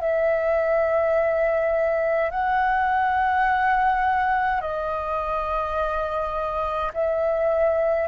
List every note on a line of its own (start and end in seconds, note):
0.00 2.30 E5
2.30 4.61 F#5
4.61 6.92 D#5
6.93 8.07 E5